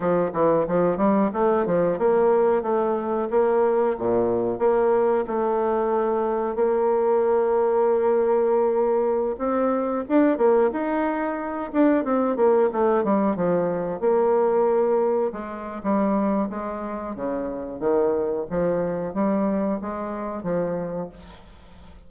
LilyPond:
\new Staff \with { instrumentName = "bassoon" } { \time 4/4 \tempo 4 = 91 f8 e8 f8 g8 a8 f8 ais4 | a4 ais4 ais,4 ais4 | a2 ais2~ | ais2~ ais16 c'4 d'8 ais16~ |
ais16 dis'4. d'8 c'8 ais8 a8 g16~ | g16 f4 ais2 gis8. | g4 gis4 cis4 dis4 | f4 g4 gis4 f4 | }